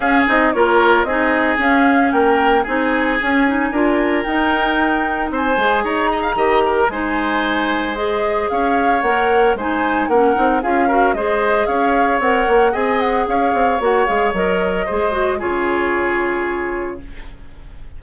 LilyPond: <<
  \new Staff \with { instrumentName = "flute" } { \time 4/4 \tempo 4 = 113 f''8 dis''8 cis''4 dis''4 f''4 | g''4 gis''2. | g''2 gis''4 ais''4~ | ais''4 gis''2 dis''4 |
f''4 fis''4 gis''4 fis''4 | f''4 dis''4 f''4 fis''4 | gis''8 fis''8 f''4 fis''8 f''8 dis''4~ | dis''4 cis''2. | }
  \new Staff \with { instrumentName = "oboe" } { \time 4/4 gis'4 ais'4 gis'2 | ais'4 gis'2 ais'4~ | ais'2 c''4 cis''8 dis''16 f''16 | dis''8 ais'8 c''2. |
cis''2 c''4 ais'4 | gis'8 ais'8 c''4 cis''2 | dis''4 cis''2. | c''4 gis'2. | }
  \new Staff \with { instrumentName = "clarinet" } { \time 4/4 cis'8 dis'8 f'4 dis'4 cis'4~ | cis'4 dis'4 cis'8 dis'8 f'4 | dis'2~ dis'8 gis'4. | g'4 dis'2 gis'4~ |
gis'4 ais'4 dis'4 cis'8 dis'8 | f'8 fis'8 gis'2 ais'4 | gis'2 fis'8 gis'8 ais'4 | gis'8 fis'8 f'2. | }
  \new Staff \with { instrumentName = "bassoon" } { \time 4/4 cis'8 c'8 ais4 c'4 cis'4 | ais4 c'4 cis'4 d'4 | dis'2 c'8 gis8 dis'4 | dis4 gis2. |
cis'4 ais4 gis4 ais8 c'8 | cis'4 gis4 cis'4 c'8 ais8 | c'4 cis'8 c'8 ais8 gis8 fis4 | gis4 cis2. | }
>>